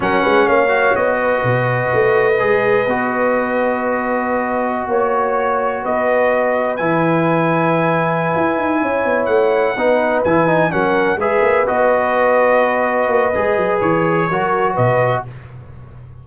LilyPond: <<
  \new Staff \with { instrumentName = "trumpet" } { \time 4/4 \tempo 4 = 126 fis''4 f''4 dis''2~ | dis''1~ | dis''2~ dis''16 cis''4.~ cis''16~ | cis''16 dis''2 gis''4.~ gis''16~ |
gis''2.~ gis''8 fis''8~ | fis''4. gis''4 fis''4 e''8~ | e''8 dis''2.~ dis''8~ | dis''4 cis''2 dis''4 | }
  \new Staff \with { instrumentName = "horn" } { \time 4/4 ais'8 b'8 cis''4. b'4.~ | b'1~ | b'2~ b'16 cis''4.~ cis''16~ | cis''16 b'2.~ b'8.~ |
b'2~ b'8 cis''4.~ | cis''8 b'2 ais'4 b'8~ | b'1~ | b'2 ais'4 b'4 | }
  \new Staff \with { instrumentName = "trombone" } { \time 4/4 cis'4. fis'2~ fis'8~ | fis'4 gis'4 fis'2~ | fis'1~ | fis'2~ fis'16 e'4.~ e'16~ |
e'1~ | e'8 dis'4 e'8 dis'8 cis'4 gis'8~ | gis'8 fis'2.~ fis'8 | gis'2 fis'2 | }
  \new Staff \with { instrumentName = "tuba" } { \time 4/4 fis8 gis8 ais4 b4 b,4 | a4 gis4 b2~ | b2~ b16 ais4.~ ais16~ | ais16 b2 e4.~ e16~ |
e4. e'8 dis'8 cis'8 b8 a8~ | a8 b4 e4 fis4 gis8 | ais8 b2. ais8 | gis8 fis8 e4 fis4 b,4 | }
>>